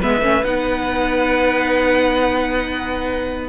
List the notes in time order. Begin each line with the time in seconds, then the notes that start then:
0.00 G#3 B3 B4 E5
0.21 A3 C#4
0.44 B3 D#4 F#5